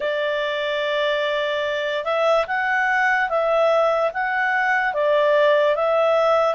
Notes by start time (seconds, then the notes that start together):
0.00 D5
2.04 E5
2.47 F#5
3.29 E5
4.13 F#5
4.93 D5
5.75 E5